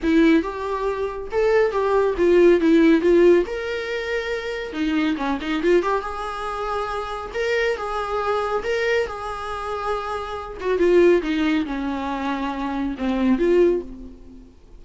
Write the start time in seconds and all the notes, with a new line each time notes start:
0.02 E4
0.42 G4
1.31 A4
1.71 G4
2.17 F4
2.60 E4
3.01 F4
3.46 A#4
4.72 D#4
5.16 C#4
5.41 D#4
5.62 F4
5.82 G4
6.01 G#4
7.33 A#4
7.76 G#4
8.63 A#4
9.06 G#4
10.60 F#4
10.78 F4
11.22 D#4
11.65 C#4
12.98 C4
13.38 F4